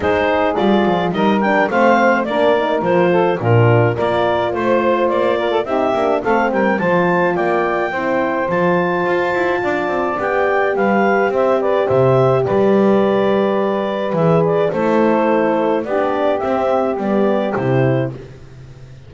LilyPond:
<<
  \new Staff \with { instrumentName = "clarinet" } { \time 4/4 \tempo 4 = 106 c''4 d''4 dis''8 g''8 f''4 | d''4 c''4 ais'4 d''4 | c''4 d''4 e''4 f''8 g''8 | a''4 g''2 a''4~ |
a''2 g''4 f''4 | e''8 d''8 e''4 d''2~ | d''4 e''8 d''8 c''2 | d''4 e''4 d''4 c''4 | }
  \new Staff \with { instrumentName = "saxophone" } { \time 4/4 gis'2 ais'4 c''4 | ais'4. a'8 f'4 ais'4 | c''4. ais'16 a'16 g'4 a'8 ais'8 | c''4 d''4 c''2~ |
c''4 d''2 b'4 | c''8 b'8 c''4 b'2~ | b'2 a'2 | g'1 | }
  \new Staff \with { instrumentName = "horn" } { \time 4/4 dis'4 f'4 dis'8 d'8 c'4 | d'8 dis'8 f'4 d'4 f'4~ | f'2 dis'8 d'8 c'4 | f'2 e'4 f'4~ |
f'2 g'2~ | g'1~ | g'4 gis'4 e'2 | d'4 c'4 b4 e'4 | }
  \new Staff \with { instrumentName = "double bass" } { \time 4/4 gis4 g8 f8 g4 a4 | ais4 f4 ais,4 ais4 | a4 ais4 c'8 ais8 a8 g8 | f4 ais4 c'4 f4 |
f'8 e'8 d'8 c'8 b4 g4 | c'4 c4 g2~ | g4 e4 a2 | b4 c'4 g4 c4 | }
>>